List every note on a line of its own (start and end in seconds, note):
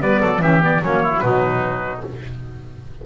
0.00 0.20 G3
0.00 0.41 B3
0.00 0.21 B4
0.00 0.42 D5
0.21 0.39 F#3
0.21 0.41 A4
0.39 0.79 E3
0.39 0.60 C#4
0.39 0.82 G4
0.39 0.62 E5
0.60 0.80 B3
0.60 0.83 D5
0.81 1.21 F#3
0.81 1.19 A#3
0.81 1.02 C#4
0.81 1.19 C#5
1.02 1.23 E4
1.19 2.03 B2
1.19 2.00 F#3
1.19 2.05 D#4
1.19 2.00 B4